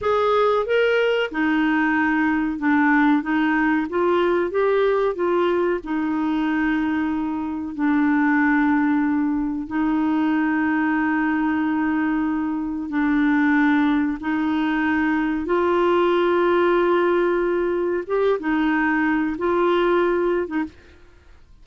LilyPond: \new Staff \with { instrumentName = "clarinet" } { \time 4/4 \tempo 4 = 93 gis'4 ais'4 dis'2 | d'4 dis'4 f'4 g'4 | f'4 dis'2. | d'2. dis'4~ |
dis'1 | d'2 dis'2 | f'1 | g'8 dis'4. f'4.~ f'16 dis'16 | }